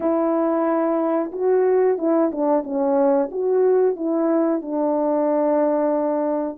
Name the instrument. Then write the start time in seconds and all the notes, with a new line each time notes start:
horn
0.00 E4
1.32 F#4
1.98 E4
2.31 D4
2.63 C#4
3.31 F#4
3.96 E4
4.61 D4